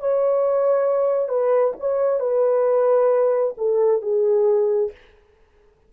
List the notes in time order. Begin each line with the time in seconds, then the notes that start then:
0.00 C#5
1.29 B4
1.80 C#5
2.20 B4
3.57 A4
4.02 G#4